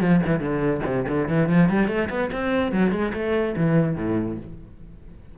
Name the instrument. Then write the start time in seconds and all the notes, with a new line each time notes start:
cello
0.00 F3
0.26 E3
0.39 D3
0.85 C3
1.08 D3
1.28 E3
1.48 F3
1.69 G3
1.88 A3
2.09 B3
2.32 C4
2.72 F#3
2.91 G#3
3.13 A3
3.56 E3
3.96 A2